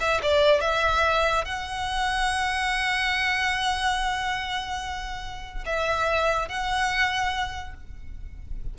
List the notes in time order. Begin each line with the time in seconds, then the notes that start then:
0.00 E5
0.22 D5
0.61 E5
1.45 F#5
5.66 E5
6.48 F#5